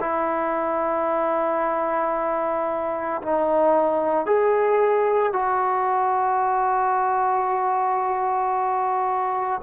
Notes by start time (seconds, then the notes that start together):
0.00 E4
3.22 D#4
4.26 G#4
5.32 F#4